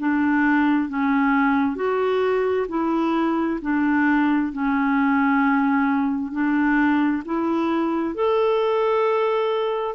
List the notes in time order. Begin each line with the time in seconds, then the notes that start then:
0.00 D4
0.89 C#4
1.76 F#4
2.69 E4
3.62 D4
4.53 C#4
6.32 D4
7.26 E4
8.15 A4